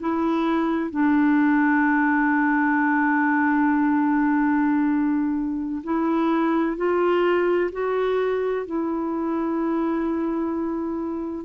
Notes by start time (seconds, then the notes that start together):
0.00 E4
0.90 D4
5.84 E4
6.77 F4
7.72 F#4
8.66 E4